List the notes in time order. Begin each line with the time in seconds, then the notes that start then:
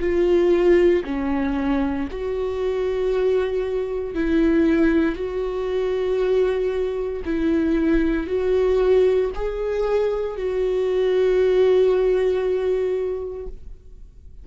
0.00 F4
1.04 C#4
2.11 F#4
4.15 E4
5.15 F#4
7.25 E4
8.27 F#4
9.35 G#4
10.37 F#4